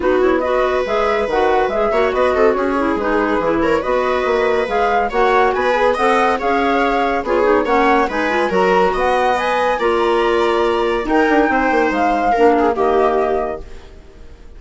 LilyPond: <<
  \new Staff \with { instrumentName = "flute" } { \time 4/4 \tempo 4 = 141 b'8 cis''8 dis''4 e''4 fis''4 | e''4 dis''4 cis''4 b'4~ | b'8 cis''8 dis''2 f''4 | fis''4 gis''4 fis''4 f''4~ |
f''4 cis''4 fis''4 gis''4 | ais''4 fis''4 gis''4 ais''4~ | ais''2 g''2 | f''2 dis''2 | }
  \new Staff \with { instrumentName = "viola" } { \time 4/4 fis'4 b'2.~ | b'8 cis''8 b'8 a'8 gis'2~ | gis'8 ais'8 b'2. | cis''4 b'4 dis''4 cis''4~ |
cis''4 gis'4 cis''4 b'4 | ais'4 dis''2 d''4~ | d''2 ais'4 c''4~ | c''4 ais'8 gis'8 g'2 | }
  \new Staff \with { instrumentName = "clarinet" } { \time 4/4 dis'8 e'8 fis'4 gis'4 fis'4 | gis'8 fis'2 e'8 dis'4 | e'4 fis'2 gis'4 | fis'4. gis'8 a'4 gis'4~ |
gis'4 f'8 dis'8 cis'4 dis'8 f'8 | fis'2 b'4 f'4~ | f'2 dis'2~ | dis'4 d'4 ais2 | }
  \new Staff \with { instrumentName = "bassoon" } { \time 4/4 b2 gis4 dis4 | gis8 ais8 b8 c'8 cis'4 gis4 | e4 b4 ais4 gis4 | ais4 b4 c'4 cis'4~ |
cis'4 b4 ais4 gis4 | fis4 b2 ais4~ | ais2 dis'8 d'8 c'8 ais8 | gis4 ais4 dis2 | }
>>